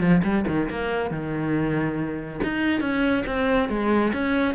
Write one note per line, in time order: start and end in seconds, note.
0.00 0.22 F3
0.24 0.45 G3
0.47 0.69 D#3
0.69 1.10 A#3
1.10 2.40 D#3
2.43 2.81 D#4
2.81 3.24 C#4
3.26 3.69 C4
3.69 4.12 G#3
4.13 4.55 C#4